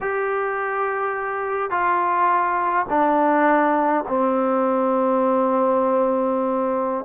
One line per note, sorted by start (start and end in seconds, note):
0.00 1.70 G4
1.70 2.86 F4
2.89 4.04 D4
4.08 7.04 C4